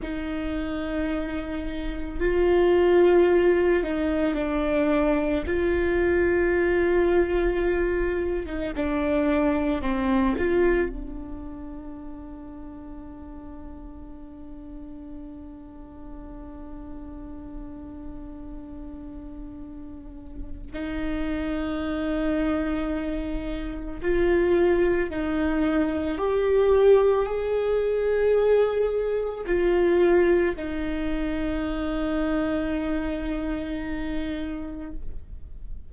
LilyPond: \new Staff \with { instrumentName = "viola" } { \time 4/4 \tempo 4 = 55 dis'2 f'4. dis'8 | d'4 f'2~ f'8. dis'16 | d'4 c'8 f'8 d'2~ | d'1~ |
d'2. dis'4~ | dis'2 f'4 dis'4 | g'4 gis'2 f'4 | dis'1 | }